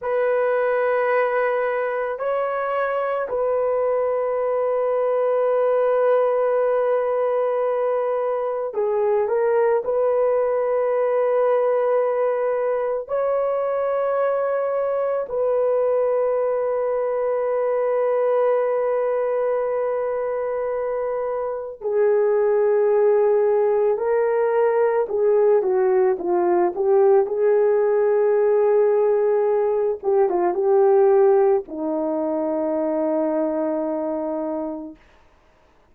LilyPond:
\new Staff \with { instrumentName = "horn" } { \time 4/4 \tempo 4 = 55 b'2 cis''4 b'4~ | b'1 | gis'8 ais'8 b'2. | cis''2 b'2~ |
b'1 | gis'2 ais'4 gis'8 fis'8 | f'8 g'8 gis'2~ gis'8 g'16 f'16 | g'4 dis'2. | }